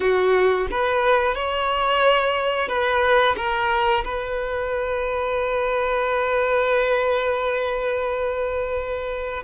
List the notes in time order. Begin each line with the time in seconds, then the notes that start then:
0.00 F#4
0.70 B4
1.35 C#5
2.68 B4
3.36 A#4
4.04 B4